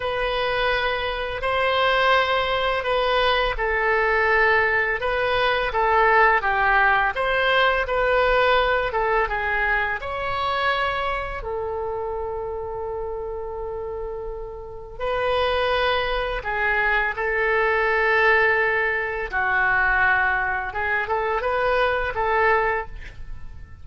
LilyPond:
\new Staff \with { instrumentName = "oboe" } { \time 4/4 \tempo 4 = 84 b'2 c''2 | b'4 a'2 b'4 | a'4 g'4 c''4 b'4~ | b'8 a'8 gis'4 cis''2 |
a'1~ | a'4 b'2 gis'4 | a'2. fis'4~ | fis'4 gis'8 a'8 b'4 a'4 | }